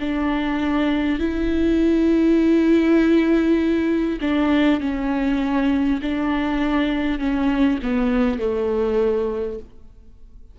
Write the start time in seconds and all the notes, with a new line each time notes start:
0.00 D4
1.19 E4
4.21 D4
4.81 C#4
6.02 D4
7.19 C#4
7.83 B3
8.39 A3